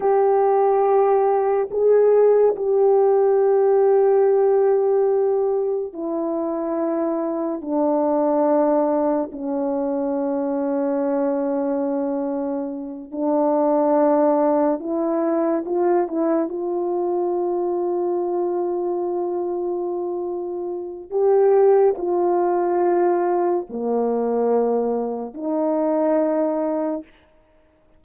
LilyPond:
\new Staff \with { instrumentName = "horn" } { \time 4/4 \tempo 4 = 71 g'2 gis'4 g'4~ | g'2. e'4~ | e'4 d'2 cis'4~ | cis'2.~ cis'8 d'8~ |
d'4. e'4 f'8 e'8 f'8~ | f'1~ | f'4 g'4 f'2 | ais2 dis'2 | }